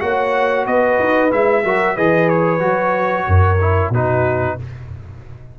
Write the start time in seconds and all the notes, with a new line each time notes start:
0.00 A#3 F#4 C#5 F#5
0.65 B3 B4 D#5
0.99 D#4
1.31 G#3 E4 E5
1.64 F#3 F#4 A#4
1.95 E3 G#4 B4 D#5
2.29 C#5
2.60 F#3 F#4
3.27 F#2 A#4
3.61 E4
3.90 B2 D#4 F#4 B4